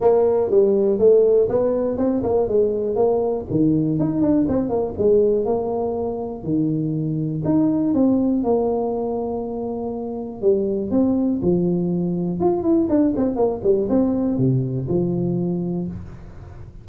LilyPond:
\new Staff \with { instrumentName = "tuba" } { \time 4/4 \tempo 4 = 121 ais4 g4 a4 b4 | c'8 ais8 gis4 ais4 dis4 | dis'8 d'8 c'8 ais8 gis4 ais4~ | ais4 dis2 dis'4 |
c'4 ais2.~ | ais4 g4 c'4 f4~ | f4 f'8 e'8 d'8 c'8 ais8 g8 | c'4 c4 f2 | }